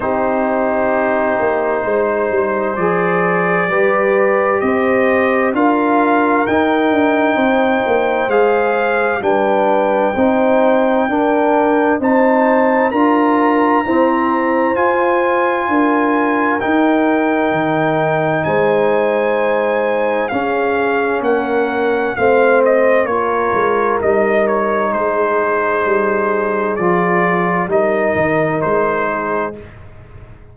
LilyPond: <<
  \new Staff \with { instrumentName = "trumpet" } { \time 4/4 \tempo 4 = 65 c''2. d''4~ | d''4 dis''4 f''4 g''4~ | g''4 f''4 g''2~ | g''4 a''4 ais''2 |
gis''2 g''2 | gis''2 f''4 fis''4 | f''8 dis''8 cis''4 dis''8 cis''8 c''4~ | c''4 d''4 dis''4 c''4 | }
  \new Staff \with { instrumentName = "horn" } { \time 4/4 g'2 c''2 | b'4 c''4 ais'2 | c''2 b'4 c''4 | ais'4 c''4 ais'4 c''4~ |
c''4 ais'2. | c''2 gis'4 ais'4 | c''4 ais'2 gis'4~ | gis'2 ais'4. gis'8 | }
  \new Staff \with { instrumentName = "trombone" } { \time 4/4 dis'2. gis'4 | g'2 f'4 dis'4~ | dis'4 gis'4 d'4 dis'4 | d'4 dis'4 f'4 c'4 |
f'2 dis'2~ | dis'2 cis'2 | c'4 f'4 dis'2~ | dis'4 f'4 dis'2 | }
  \new Staff \with { instrumentName = "tuba" } { \time 4/4 c'4. ais8 gis8 g8 f4 | g4 c'4 d'4 dis'8 d'8 | c'8 ais8 gis4 g4 c'4 | d'4 c'4 d'4 e'4 |
f'4 d'4 dis'4 dis4 | gis2 cis'4 ais4 | a4 ais8 gis8 g4 gis4 | g4 f4 g8 dis8 gis4 | }
>>